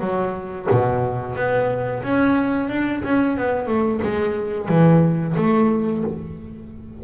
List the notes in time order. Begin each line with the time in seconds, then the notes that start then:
0.00 F#3
0.71 B2
1.36 B3
2.03 C#4
2.69 D4
3.04 C#4
3.37 B3
3.67 A3
4.02 G#3
4.68 E3
5.37 A3